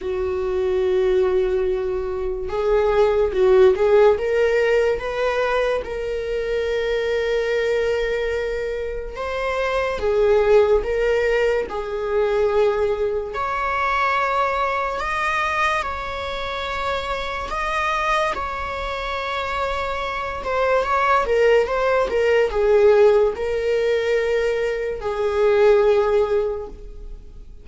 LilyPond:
\new Staff \with { instrumentName = "viola" } { \time 4/4 \tempo 4 = 72 fis'2. gis'4 | fis'8 gis'8 ais'4 b'4 ais'4~ | ais'2. c''4 | gis'4 ais'4 gis'2 |
cis''2 dis''4 cis''4~ | cis''4 dis''4 cis''2~ | cis''8 c''8 cis''8 ais'8 c''8 ais'8 gis'4 | ais'2 gis'2 | }